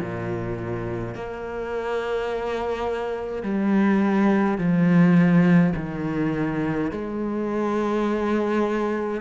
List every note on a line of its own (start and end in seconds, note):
0.00 1.14 A#2
1.14 3.42 A#3
3.42 4.57 G3
4.57 5.73 F3
5.75 6.91 D#3
6.91 9.21 G#3